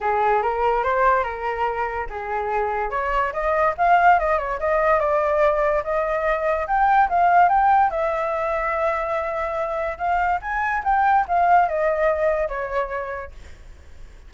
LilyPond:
\new Staff \with { instrumentName = "flute" } { \time 4/4 \tempo 4 = 144 gis'4 ais'4 c''4 ais'4~ | ais'4 gis'2 cis''4 | dis''4 f''4 dis''8 cis''8 dis''4 | d''2 dis''2 |
g''4 f''4 g''4 e''4~ | e''1 | f''4 gis''4 g''4 f''4 | dis''2 cis''2 | }